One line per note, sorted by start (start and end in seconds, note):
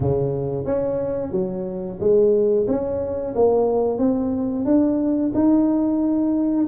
0.00 0.65 C#3
0.65 1.31 C#4
1.31 1.98 F#3
1.99 2.66 G#3
2.67 3.34 C#4
3.35 3.98 A#3
3.98 4.65 C4
4.65 5.32 D4
5.34 6.67 D#4